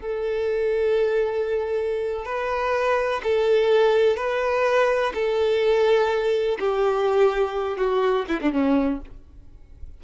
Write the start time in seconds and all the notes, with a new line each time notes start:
0.00 A4
2.25 B4
3.23 A4
4.17 B4
5.14 A4
6.59 G4
7.77 F#4
8.28 E4
8.41 D4
8.52 C#4